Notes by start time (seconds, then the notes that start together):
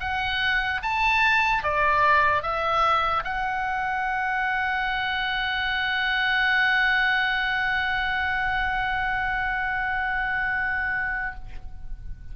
0.00 F#5
0.83 A5
1.63 D5
2.43 E5
3.24 F#5